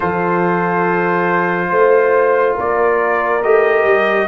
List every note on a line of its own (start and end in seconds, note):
0.00 1.70 F3
0.00 3.42 F4
0.00 1.68 A4
0.00 2.56 C5
1.69 2.56 A3
1.69 2.55 C5
2.55 3.43 A#3
2.55 4.27 A#4
2.55 3.42 D5
3.42 3.84 A3
3.42 4.28 G4
3.42 4.28 D#5
3.84 4.27 G3